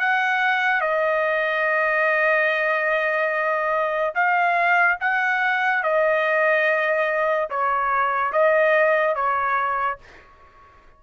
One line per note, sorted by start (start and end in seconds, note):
0.00 0.81 F#5
0.81 4.14 D#5
4.15 4.98 F5
5.00 5.83 F#5
5.83 7.50 D#5
7.50 8.33 C#5
8.33 9.15 D#5
9.15 9.98 C#5